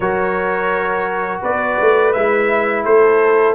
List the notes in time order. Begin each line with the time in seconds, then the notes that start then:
0.00 F#3 F#4 A#4 C#5
1.41 B3 B4 D5
1.80 A3
2.12 G#3 E4 E5
2.84 A3 A4 C5